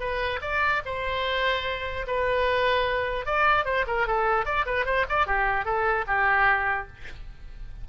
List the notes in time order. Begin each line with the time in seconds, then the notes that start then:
0.00 B4
0.42 D5
0.86 C5
2.07 B4
3.26 D5
3.66 C5
3.87 A#4
4.08 A4
4.46 D5
4.66 B4
4.86 C5
5.09 D5
5.27 G4
5.65 A4
6.08 G4